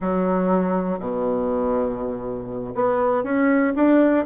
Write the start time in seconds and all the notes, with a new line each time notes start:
0.00 F#3
0.99 B2
2.74 B3
3.23 C#4
3.75 D4